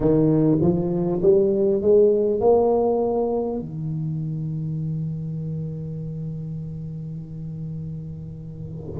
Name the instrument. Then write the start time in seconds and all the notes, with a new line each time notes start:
tuba
0.00 D#3
0.61 F3
1.22 G3
1.81 G#3
2.40 A#3
3.59 D#3